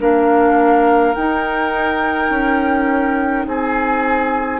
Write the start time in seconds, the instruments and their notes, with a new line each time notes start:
0.00 bassoon A#3, clarinet D4, oboe A#4, flute F5
1.15 clarinet D#4, bassoon D#4, flute G5
2.30 bassoon C#4
3.46 bassoon C4, oboe G#4, flute G#5